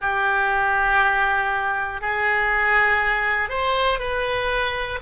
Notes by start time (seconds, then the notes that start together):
0.00 G4
2.01 G#4
3.49 C5
3.99 B4